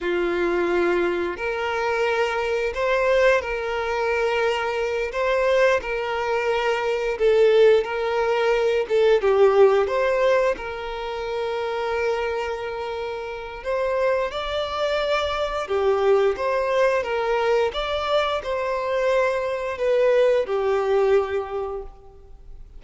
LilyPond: \new Staff \with { instrumentName = "violin" } { \time 4/4 \tempo 4 = 88 f'2 ais'2 | c''4 ais'2~ ais'8 c''8~ | c''8 ais'2 a'4 ais'8~ | ais'4 a'8 g'4 c''4 ais'8~ |
ais'1 | c''4 d''2 g'4 | c''4 ais'4 d''4 c''4~ | c''4 b'4 g'2 | }